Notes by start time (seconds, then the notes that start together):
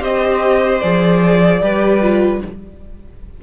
0.00 C4 G4 C5 D#5
0.81 F3 G#4 D5
1.61 G3 G4 B4
2.01 F4